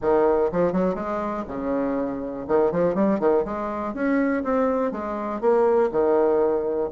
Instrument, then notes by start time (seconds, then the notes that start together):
bassoon
0.01 D#3
0.51 F3
0.72 F#3
0.94 G#3
1.47 C#3
2.47 D#3
2.71 F3
2.95 G3
3.19 D#3
3.44 G#3
3.93 C#4
4.43 C4
4.91 G#3
5.41 A#3
5.91 D#3